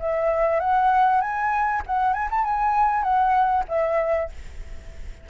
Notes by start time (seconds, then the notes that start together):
0.00 E5
0.60 F#5
1.21 G#5
1.87 F#5
2.14 G#5
2.31 A5
2.44 G#5
3.03 F#5
3.68 E5